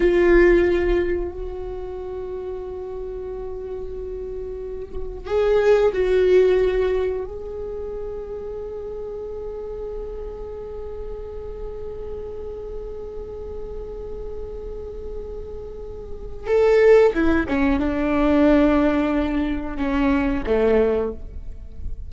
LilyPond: \new Staff \with { instrumentName = "viola" } { \time 4/4 \tempo 4 = 91 f'2 fis'2~ | fis'1 | gis'4 fis'2 gis'4~ | gis'1~ |
gis'1~ | gis'1~ | gis'4 a'4 e'8 cis'8 d'4~ | d'2 cis'4 a4 | }